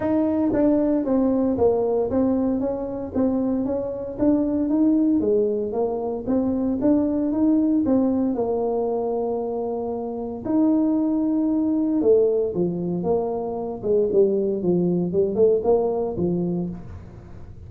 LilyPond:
\new Staff \with { instrumentName = "tuba" } { \time 4/4 \tempo 4 = 115 dis'4 d'4 c'4 ais4 | c'4 cis'4 c'4 cis'4 | d'4 dis'4 gis4 ais4 | c'4 d'4 dis'4 c'4 |
ais1 | dis'2. a4 | f4 ais4. gis8 g4 | f4 g8 a8 ais4 f4 | }